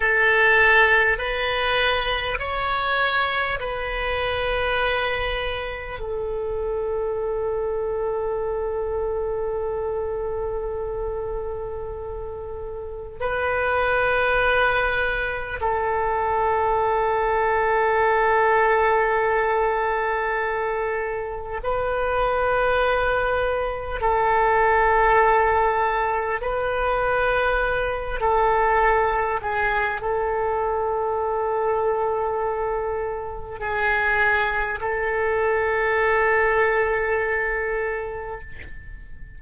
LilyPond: \new Staff \with { instrumentName = "oboe" } { \time 4/4 \tempo 4 = 50 a'4 b'4 cis''4 b'4~ | b'4 a'2.~ | a'2. b'4~ | b'4 a'2.~ |
a'2 b'2 | a'2 b'4. a'8~ | a'8 gis'8 a'2. | gis'4 a'2. | }